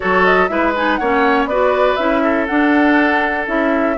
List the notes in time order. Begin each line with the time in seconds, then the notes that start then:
0.00 F#3 F#4 A4 C#5
0.25 D#5
0.47 G#3 E4 B4 E5
0.76 D#4 G#5
0.96 A#3 C#4 C#5 F#5
1.45 B3 F#4 B4 D5
1.95 C#4 E4 E5
2.23 A4
2.46 D4 F#5
3.46 C#4 E4 E5